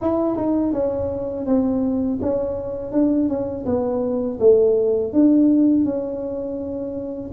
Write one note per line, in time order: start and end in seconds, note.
0.01 0.37 E4
0.37 0.73 D#4
0.73 1.46 C#4
1.46 2.19 C4
2.21 2.92 C#4
2.92 3.28 D4
3.28 3.65 C#4
3.66 4.39 B3
4.39 5.13 A3
5.13 5.84 D4
5.84 7.31 C#4